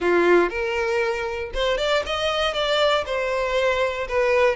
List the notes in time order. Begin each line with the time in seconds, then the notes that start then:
0.00 F4
0.49 A#4
1.53 C5
1.77 D5
2.06 D#5
2.53 D5
3.06 C5
4.08 B4